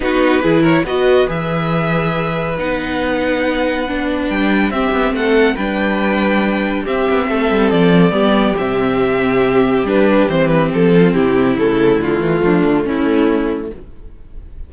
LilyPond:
<<
  \new Staff \with { instrumentName = "violin" } { \time 4/4 \tempo 4 = 140 b'4. cis''8 dis''4 e''4~ | e''2 fis''2~ | fis''2 g''4 e''4 | fis''4 g''2. |
e''2 d''2 | e''2. b'4 | c''8 b'8 a'4 g'4 a'4 | f'2 e'2 | }
  \new Staff \with { instrumentName = "violin" } { \time 4/4 fis'4 gis'8 ais'8 b'2~ | b'1~ | b'2. g'4 | a'4 b'2. |
g'4 a'2 g'4~ | g'1~ | g'4. f'8 e'2~ | e'4 d'4 cis'2 | }
  \new Staff \with { instrumentName = "viola" } { \time 4/4 dis'4 e'4 fis'4 gis'4~ | gis'2 dis'2~ | dis'4 d'2 c'4~ | c'4 d'2. |
c'2. b4 | c'2. d'4 | c'2. a4~ | a1 | }
  \new Staff \with { instrumentName = "cello" } { \time 4/4 b4 e4 b4 e4~ | e2 b2~ | b2 g4 c'8 b8 | a4 g2. |
c'8 b8 a8 g8 f4 g4 | c2. g4 | e4 f4 c4 cis4 | d8 e8 f8 d8 a2 | }
>>